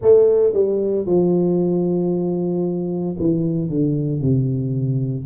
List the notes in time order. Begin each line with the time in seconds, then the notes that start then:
0.01 A3
0.53 G3
1.05 F3
3.19 E3
3.69 D3
4.21 C3